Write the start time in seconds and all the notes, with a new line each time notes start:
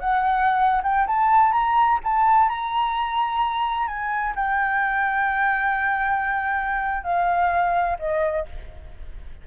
0.00 F#5
0.83 G5
1.07 A5
1.52 A#5
2.04 A5
2.49 A#5
3.87 G#5
4.36 G5
7.04 F5
7.99 D#5